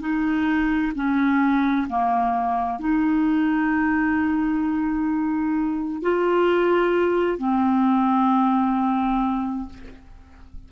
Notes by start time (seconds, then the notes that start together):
0.00 D#4
0.95 C#4
1.89 A#3
2.79 D#4
6.03 F4
7.38 C4